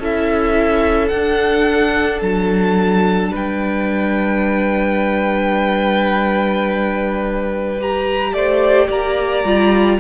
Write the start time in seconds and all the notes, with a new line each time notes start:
0.00 C#4 E4 A4 E5
1.09 D4 F#5
2.22 F#3 A5
3.32 G3 B4 G5
7.80 G4 A#5
8.34 A3 C5 D5
8.88 A#3 D5 A#5
9.44 G3 F4